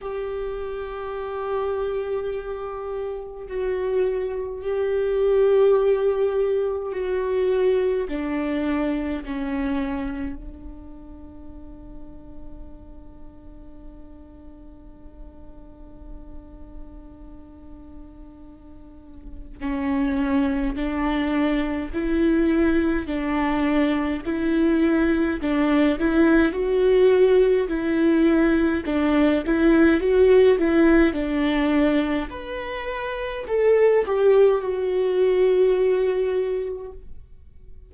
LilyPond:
\new Staff \with { instrumentName = "viola" } { \time 4/4 \tempo 4 = 52 g'2. fis'4 | g'2 fis'4 d'4 | cis'4 d'2.~ | d'1~ |
d'4 cis'4 d'4 e'4 | d'4 e'4 d'8 e'8 fis'4 | e'4 d'8 e'8 fis'8 e'8 d'4 | b'4 a'8 g'8 fis'2 | }